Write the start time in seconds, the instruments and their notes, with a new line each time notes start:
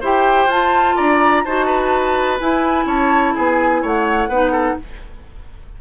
0.00 bassoon E4, clarinet G4, oboe C5, flute G5
0.46 bassoon F4, clarinet F4, flute A5
0.96 bassoon D4, oboe D5, flute A#5
1.44 bassoon D#4, clarinet F#4, oboe C5, flute A5
1.66 oboe B4
2.39 clarinet E4, bassoon E4, flute G#5
2.85 bassoon C#4, oboe C#5, flute A5
3.34 bassoon B3, oboe G#4, flute G#5
3.82 bassoon A3, oboe C#5, flute F#5
4.28 bassoon B3, clarinet D#4, oboe B4
4.51 oboe A4